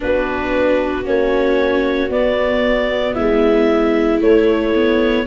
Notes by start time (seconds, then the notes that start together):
0.00 B3 D4 F#4 B4
1.04 A#3 C#4 C#5
2.09 B3 D5
3.14 G#3 E4 E5
4.20 A3 C#5
4.75 B3